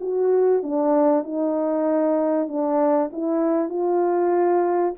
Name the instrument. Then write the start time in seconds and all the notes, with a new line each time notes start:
horn
0.00 F#4
0.62 D4
1.23 D#4
2.47 D4
3.12 E4
3.69 F4